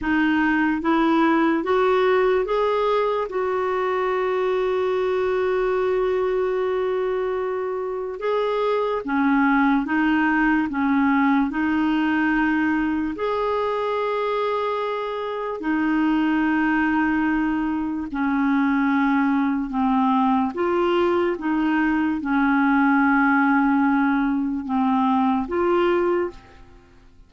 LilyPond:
\new Staff \with { instrumentName = "clarinet" } { \time 4/4 \tempo 4 = 73 dis'4 e'4 fis'4 gis'4 | fis'1~ | fis'2 gis'4 cis'4 | dis'4 cis'4 dis'2 |
gis'2. dis'4~ | dis'2 cis'2 | c'4 f'4 dis'4 cis'4~ | cis'2 c'4 f'4 | }